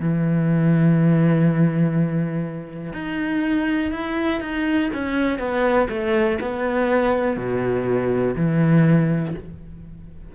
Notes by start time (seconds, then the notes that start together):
0.00 E3
2.94 D#4
3.92 E4
4.41 D#4
4.94 C#4
5.39 B3
5.90 A3
6.41 B3
7.37 B2
8.37 E3